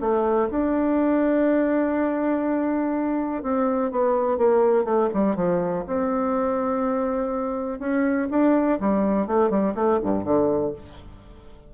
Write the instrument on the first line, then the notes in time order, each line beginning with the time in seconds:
bassoon
0.00 A3
0.50 D4
3.42 C4
3.91 B3
4.37 A#3
4.84 A3
5.13 G3
5.35 F3
5.86 C4
7.79 C#4
8.30 D4
8.80 G3
9.27 A3
9.49 G3
9.74 A3
10.02 G2
10.24 D3